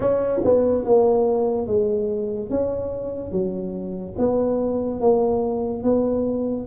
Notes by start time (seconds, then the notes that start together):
0.00 C#4
0.44 B3
0.84 A#3
1.66 G#3
2.50 C#4
3.31 F#3
4.18 B3
5.00 A#3
5.83 B3